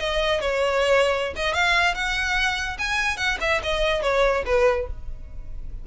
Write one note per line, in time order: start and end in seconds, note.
0.00 0.41 D#5
0.41 1.34 C#5
1.36 1.54 D#5
1.54 1.95 F5
1.95 2.78 F#5
2.79 3.17 G#5
3.17 3.38 F#5
3.41 3.62 E5
3.64 4.03 D#5
4.03 4.44 C#5
4.46 4.88 B4